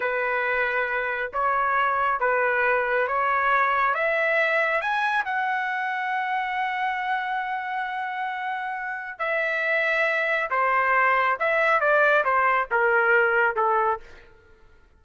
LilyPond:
\new Staff \with { instrumentName = "trumpet" } { \time 4/4 \tempo 4 = 137 b'2. cis''4~ | cis''4 b'2 cis''4~ | cis''4 e''2 gis''4 | fis''1~ |
fis''1~ | fis''4 e''2. | c''2 e''4 d''4 | c''4 ais'2 a'4 | }